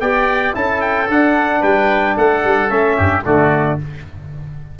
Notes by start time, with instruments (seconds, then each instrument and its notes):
0.00 tuba B3, trombone G4, oboe D5, trumpet G5
0.53 tuba C#4, trombone E4, oboe A4, trumpet A5
0.81 trumpet G5
1.07 trombone D4, tuba D4, trumpet F#5
1.60 tuba G3, oboe B4, trumpet G5
2.16 tuba A3, oboe A4, trumpet F#5
2.44 tuba G3
2.68 tuba A3, trombone C#4, trumpet E5
2.96 tuba G2, oboe G4
3.25 tuba D3, trombone A3, oboe F#4, trumpet D5